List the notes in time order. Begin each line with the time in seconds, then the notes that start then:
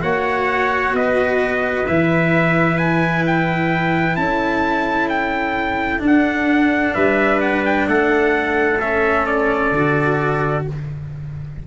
0.00 A#3 F#4 C#5 F#5
0.93 B3 B4 D#5
1.86 E3 E4 E5
2.77 G#5
3.26 G5
4.16 C#4 A4 A5
5.08 G5
5.98 D4
6.06 F#5
6.93 G3 B4 E5
7.41 F#5
7.65 G5
7.87 A3 A4 F#5
8.79 C#4 E5
9.26 D5
9.71 D3 F#4